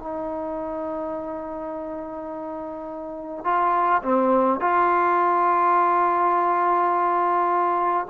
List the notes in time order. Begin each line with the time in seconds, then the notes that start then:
0.00 D#4
3.45 F4
4.03 C4
4.61 F4